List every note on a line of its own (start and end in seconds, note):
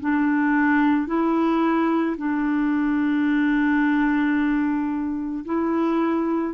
0.00 1.07 D4
1.07 2.16 E4
2.17 5.44 D4
5.45 6.54 E4